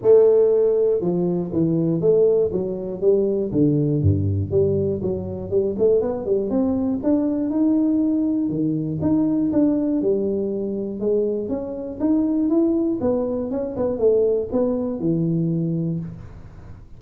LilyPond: \new Staff \with { instrumentName = "tuba" } { \time 4/4 \tempo 4 = 120 a2 f4 e4 | a4 fis4 g4 d4 | g,4 g4 fis4 g8 a8 | b8 g8 c'4 d'4 dis'4~ |
dis'4 dis4 dis'4 d'4 | g2 gis4 cis'4 | dis'4 e'4 b4 cis'8 b8 | a4 b4 e2 | }